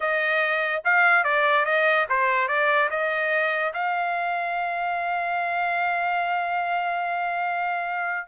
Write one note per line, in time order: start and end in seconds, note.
0.00 0.83 D#5
0.84 1.24 F5
1.24 1.65 D5
1.65 2.06 D#5
2.09 2.48 C5
2.48 2.89 D5
2.90 3.73 D#5
3.73 8.27 F5